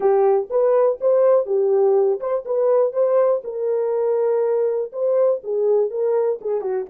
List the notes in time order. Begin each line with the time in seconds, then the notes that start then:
0.00 G4
0.50 B4
1.00 C5
1.46 G4
2.20 C5
2.45 B4
2.92 C5
3.44 A#4
4.92 C5
5.43 G#4
5.90 A#4
6.41 G#4
6.61 F#4